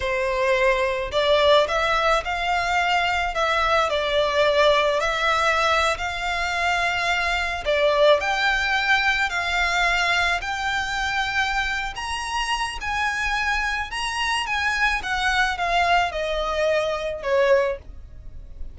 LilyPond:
\new Staff \with { instrumentName = "violin" } { \time 4/4 \tempo 4 = 108 c''2 d''4 e''4 | f''2 e''4 d''4~ | d''4 e''4.~ e''16 f''4~ f''16~ | f''4.~ f''16 d''4 g''4~ g''16~ |
g''8. f''2 g''4~ g''16~ | g''4. ais''4. gis''4~ | gis''4 ais''4 gis''4 fis''4 | f''4 dis''2 cis''4 | }